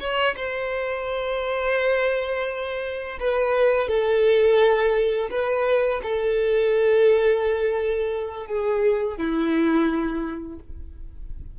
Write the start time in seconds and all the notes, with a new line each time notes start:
0.00 C#5
0.36 C5
3.20 B4
3.88 A4
5.31 B4
6.03 A4
8.47 G#4
9.17 E4